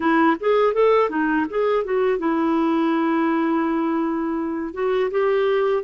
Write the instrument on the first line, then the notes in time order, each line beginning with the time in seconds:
clarinet
0.00 E4
0.40 G#4
0.73 A4
1.09 D#4
1.49 G#4
1.84 F#4
2.18 E4
4.73 F#4
5.11 G4